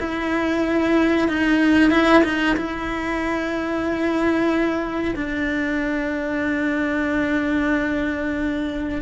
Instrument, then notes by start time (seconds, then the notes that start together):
cello
0.00 E4
1.28 D#4
1.91 E4
2.24 D#4
2.57 E4
5.16 D4